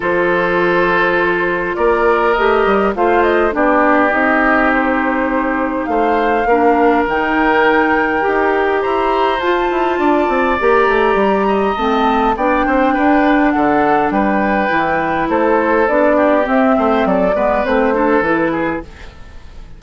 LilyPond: <<
  \new Staff \with { instrumentName = "flute" } { \time 4/4 \tempo 4 = 102 c''2. d''4 | dis''4 f''8 dis''8 d''4 dis''4 | c''2 f''2 | g''2. ais''4 |
a''2 ais''2 | a''4 g''2 fis''4 | g''2 c''4 d''4 | e''4 d''4 c''4 b'4 | }
  \new Staff \with { instrumentName = "oboe" } { \time 4/4 a'2. ais'4~ | ais'4 c''4 g'2~ | g'2 c''4 ais'4~ | ais'2. c''4~ |
c''4 d''2~ d''8 dis''8~ | dis''4 d''8 c''8 b'4 a'4 | b'2 a'4. g'8~ | g'8 c''8 a'8 b'4 a'4 gis'8 | }
  \new Staff \with { instrumentName = "clarinet" } { \time 4/4 f'1 | g'4 f'4 d'4 dis'4~ | dis'2. d'4 | dis'2 g'2 |
f'2 g'2 | c'4 d'2.~ | d'4 e'2 d'4 | c'4. b8 c'8 d'8 e'4 | }
  \new Staff \with { instrumentName = "bassoon" } { \time 4/4 f2. ais4 | a8 g8 a4 b4 c'4~ | c'2 a4 ais4 | dis2 dis'4 e'4 |
f'8 e'8 d'8 c'8 ais8 a8 g4 | a4 b8 c'8 d'4 d4 | g4 e4 a4 b4 | c'8 a8 fis8 gis8 a4 e4 | }
>>